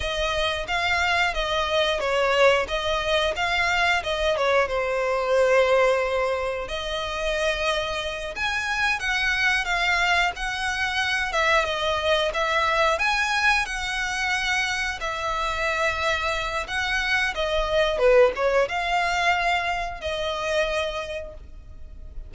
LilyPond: \new Staff \with { instrumentName = "violin" } { \time 4/4 \tempo 4 = 90 dis''4 f''4 dis''4 cis''4 | dis''4 f''4 dis''8 cis''8 c''4~ | c''2 dis''2~ | dis''8 gis''4 fis''4 f''4 fis''8~ |
fis''4 e''8 dis''4 e''4 gis''8~ | gis''8 fis''2 e''4.~ | e''4 fis''4 dis''4 b'8 cis''8 | f''2 dis''2 | }